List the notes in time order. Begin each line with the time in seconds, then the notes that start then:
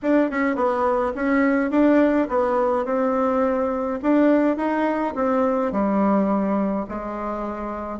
0.02 D4
0.30 C#4
0.55 B3
1.15 C#4
1.70 D4
2.29 B3
2.85 C4
4.02 D4
4.56 D#4
5.15 C4
5.71 G3
6.89 G#3